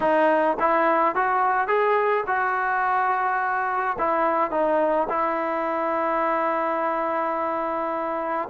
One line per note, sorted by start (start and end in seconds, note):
0.00 0.57 D#4
0.59 1.15 E4
1.15 1.67 F#4
1.67 2.24 G#4
2.26 3.96 F#4
3.98 4.51 E4
4.51 5.07 D#4
5.09 8.49 E4